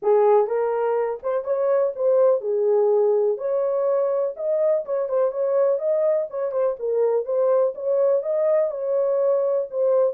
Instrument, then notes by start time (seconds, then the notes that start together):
horn
0.02 G#4
0.46 A#4
1.22 C5
1.44 C#5
1.95 C5
2.40 G#4
3.37 C#5
4.36 D#5
4.85 C#5
5.08 C5
5.31 C#5
5.78 D#5
6.30 C#5
6.51 C5
6.79 A#4
7.25 C5
7.74 C#5
8.22 D#5
8.70 C#5
9.70 C5